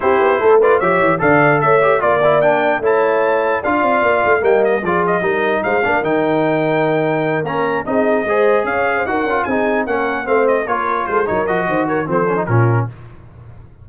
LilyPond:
<<
  \new Staff \with { instrumentName = "trumpet" } { \time 4/4 \tempo 4 = 149 c''4. d''8 e''4 f''4 | e''4 d''4 g''4 a''4~ | a''4 f''2 g''8 dis''8 | d''8 dis''4. f''4 g''4~ |
g''2~ g''8 ais''4 dis''8~ | dis''4. f''4 fis''4 gis''8~ | gis''8 fis''4 f''8 dis''8 cis''4 c''8 | cis''8 dis''4 cis''8 c''4 ais'4 | }
  \new Staff \with { instrumentName = "horn" } { \time 4/4 g'4 a'8 b'8 cis''4 d''4 | cis''4 d''2 cis''4~ | cis''4 d''2 dis''4 | gis'4 ais'4 c''8 ais'4.~ |
ais'2.~ ais'8 gis'8~ | gis'8 c''4 cis''8. c''16 ais'4 gis'8~ | gis'8 ais'4 c''4 ais'4 a'8 | ais'4 c''8 ais'8 a'4 f'4 | }
  \new Staff \with { instrumentName = "trombone" } { \time 4/4 e'4. f'8 g'4 a'4~ | a'8 g'8 f'8 e'8 d'4 e'4~ | e'4 f'2 ais4 | f'4 dis'4. d'8 dis'4~ |
dis'2~ dis'8 cis'4 dis'8~ | dis'8 gis'2 fis'8 f'8 dis'8~ | dis'8 cis'4 c'4 f'4. | dis'8 fis'4. c'8 cis'16 dis'16 cis'4 | }
  \new Staff \with { instrumentName = "tuba" } { \time 4/4 c'8 b8 a4 f8 e8 d4 | a4 ais2 a4~ | a4 d'8 c'8 ais8 a8 g4 | f4 g4 gis8 ais8 dis4~ |
dis2~ dis8 ais4 c'8~ | c'8 gis4 cis'4 dis'8 cis'8 c'8~ | c'8 ais4 a4 ais4 gis8 | fis8 f8 dis4 f4 ais,4 | }
>>